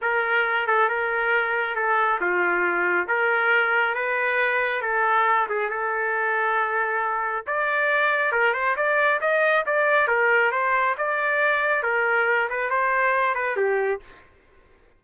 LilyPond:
\new Staff \with { instrumentName = "trumpet" } { \time 4/4 \tempo 4 = 137 ais'4. a'8 ais'2 | a'4 f'2 ais'4~ | ais'4 b'2 a'4~ | a'8 gis'8 a'2.~ |
a'4 d''2 ais'8 c''8 | d''4 dis''4 d''4 ais'4 | c''4 d''2 ais'4~ | ais'8 b'8 c''4. b'8 g'4 | }